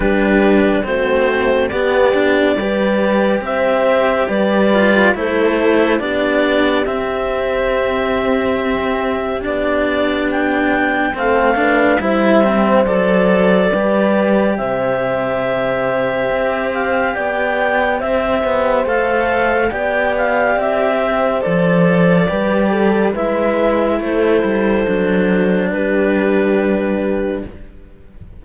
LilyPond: <<
  \new Staff \with { instrumentName = "clarinet" } { \time 4/4 \tempo 4 = 70 b'4 c''4 d''2 | e''4 d''4 c''4 d''4 | e''2. d''4 | g''4 f''4 e''4 d''4~ |
d''4 e''2~ e''8 f''8 | g''4 e''4 f''4 g''8 f''8 | e''4 d''2 e''4 | c''2 b'2 | }
  \new Staff \with { instrumentName = "horn" } { \time 4/4 g'4 fis'4 g'4 b'4 | c''4 b'4 a'4 g'4~ | g'1~ | g'4 a'8 b'8 c''2 |
b'4 c''2. | d''4 c''2 d''4~ | d''8 c''4. b'8 a'8 b'4 | a'2 g'2 | }
  \new Staff \with { instrumentName = "cello" } { \time 4/4 d'4 c'4 b8 d'8 g'4~ | g'4. f'8 e'4 d'4 | c'2. d'4~ | d'4 c'8 d'8 e'8 c'8 a'4 |
g'1~ | g'2 a'4 g'4~ | g'4 a'4 g'4 e'4~ | e'4 d'2. | }
  \new Staff \with { instrumentName = "cello" } { \time 4/4 g4 a4 b4 g4 | c'4 g4 a4 b4 | c'2. b4~ | b4 a4 g4 fis4 |
g4 c2 c'4 | b4 c'8 b8 a4 b4 | c'4 f4 g4 gis4 | a8 g8 fis4 g2 | }
>>